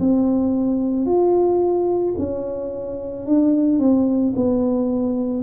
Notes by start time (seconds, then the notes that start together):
0.00 C4
1.06 F4
2.18 C#4
3.26 D4
3.79 C4
4.35 B3